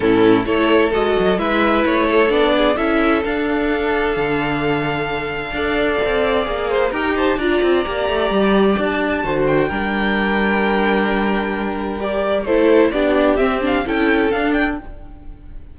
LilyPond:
<<
  \new Staff \with { instrumentName = "violin" } { \time 4/4 \tempo 4 = 130 a'4 cis''4 dis''4 e''4 | cis''4 d''4 e''4 f''4~ | f''1~ | f''2. g''8 a''8 |
ais''2. a''4~ | a''8 g''2.~ g''8~ | g''2 d''4 c''4 | d''4 e''8 f''8 g''4 f''8 g''8 | }
  \new Staff \with { instrumentName = "violin" } { \time 4/4 e'4 a'2 b'4~ | b'8 a'4 gis'8 a'2~ | a'1 | d''2~ d''8 c''8 ais'8 c''8 |
d''1 | c''4 ais'2.~ | ais'2. a'4 | g'2 a'2 | }
  \new Staff \with { instrumentName = "viola" } { \time 4/4 cis'4 e'4 fis'4 e'4~ | e'4 d'4 e'4 d'4~ | d'1 | a'2 gis'4 g'4 |
f'4 g'2. | fis'4 d'2.~ | d'2 g'4 e'4 | d'4 c'8 d'8 e'4 d'4 | }
  \new Staff \with { instrumentName = "cello" } { \time 4/4 a,4 a4 gis8 fis8 gis4 | a4 b4 cis'4 d'4~ | d'4 d2. | d'4 c'4 ais4 dis'4 |
d'8 c'8 ais8 a8 g4 d'4 | d4 g2.~ | g2. a4 | b4 c'4 cis'4 d'4 | }
>>